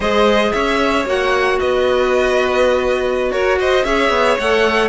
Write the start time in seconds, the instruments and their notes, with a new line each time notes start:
0.00 cello G#3, clarinet G#4, violin C5 D#5
0.52 cello C#4, violin C#5 E5
1.05 cello A#3, clarinet F#4, violin F#5
1.59 cello B3, violin B4 D#5
3.31 cello F#4, violin A#4 C#5
3.59 violin C5 D#5
3.84 cello C#4, clarinet G#4, violin C#5 E5
4.09 cello B3
4.39 cello A3, clarinet A4, violin F#5